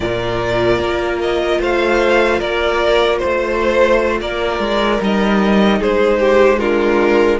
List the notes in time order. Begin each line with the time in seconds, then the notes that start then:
0.00 A#2 F4 A#4 D5
0.79 A#3
1.21 D#5
1.60 A3 C5 F5
2.38 A#3 A#4 D5
3.18 A3 C5
4.21 A#3 A#4 D5
4.59 G#3
4.98 G3 D#4 D#5
5.79 G#3 G#4 C5
6.19 G4
6.58 D4 F4 A#4